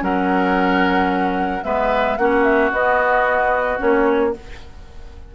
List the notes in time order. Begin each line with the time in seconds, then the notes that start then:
0.00 F#3 C#4 A#4 F#5
1.63 G#3 B3 B4 E5
2.17 A#3 C#4 F#4 F#5
2.43 E5
2.72 B3 D#5
3.78 A#3 C#4 C#5